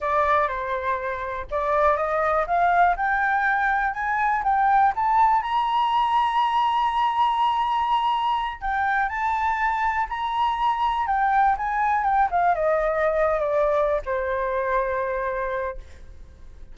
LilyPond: \new Staff \with { instrumentName = "flute" } { \time 4/4 \tempo 4 = 122 d''4 c''2 d''4 | dis''4 f''4 g''2 | gis''4 g''4 a''4 ais''4~ | ais''1~ |
ais''4. g''4 a''4.~ | a''8 ais''2 g''4 gis''8~ | gis''8 g''8 f''8 dis''4.~ dis''16 d''8.~ | d''8 c''2.~ c''8 | }